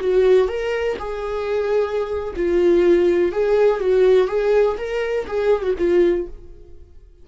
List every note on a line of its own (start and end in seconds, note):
0.00 0.48 F#4
0.48 0.97 A#4
0.99 2.34 G#4
2.36 3.32 F4
3.32 3.80 G#4
3.80 4.27 F#4
4.27 4.77 G#4
4.77 5.26 A#4
5.27 5.62 G#4
5.62 5.74 F#4
5.78 6.27 F4